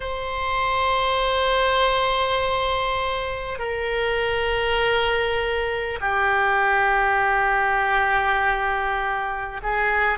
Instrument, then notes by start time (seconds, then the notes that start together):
oboe
0.00 C5
3.58 A#4
6.00 G4
9.62 G#4